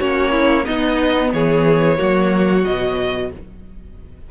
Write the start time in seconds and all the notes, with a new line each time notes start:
0.00 A#3 C#4 F#4 C#5
0.32 E4
0.65 B3 D#4 D#5
1.33 E3 G#4 C#5
1.97 F#3 A#3 F#4
2.63 B2 F#3 D#5